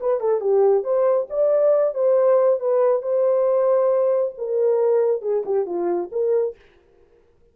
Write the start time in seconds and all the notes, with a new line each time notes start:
0.00 B4
0.20 A4
0.40 G4
0.84 C5
1.30 D5
1.94 C5
2.60 B4
3.02 C5
4.38 A#4
5.22 G#4
5.45 G4
5.66 F4
6.12 A#4